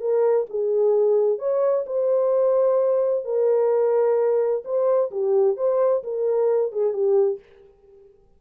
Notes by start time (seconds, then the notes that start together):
0.00 A#4
0.50 G#4
1.39 C#5
1.86 C5
3.25 A#4
4.64 C5
5.11 G4
5.57 C5
6.03 A#4
6.72 G#4
6.93 G4